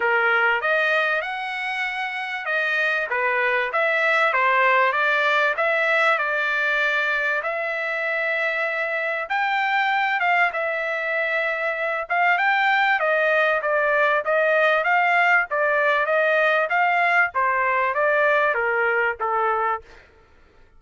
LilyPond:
\new Staff \with { instrumentName = "trumpet" } { \time 4/4 \tempo 4 = 97 ais'4 dis''4 fis''2 | dis''4 b'4 e''4 c''4 | d''4 e''4 d''2 | e''2. g''4~ |
g''8 f''8 e''2~ e''8 f''8 | g''4 dis''4 d''4 dis''4 | f''4 d''4 dis''4 f''4 | c''4 d''4 ais'4 a'4 | }